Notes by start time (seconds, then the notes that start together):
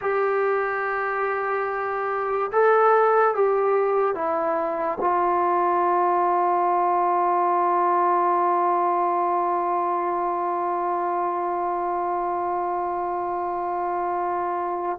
0.01 G4
2.52 A4
3.34 G4
4.14 E4
5.00 F4